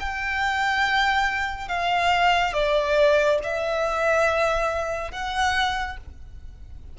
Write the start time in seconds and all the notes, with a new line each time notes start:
0.00 G5
1.68 F5
2.54 D5
3.44 E5
5.12 F#5